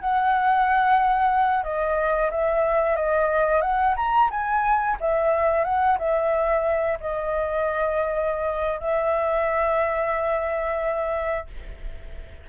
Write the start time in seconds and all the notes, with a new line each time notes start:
0.00 F#5
1.64 D#5
2.31 E5
2.96 D#5
3.62 F#5
3.96 A#5
4.31 G#5
5.01 E5
5.65 F#5
5.99 E5
7.00 D#5
8.80 E5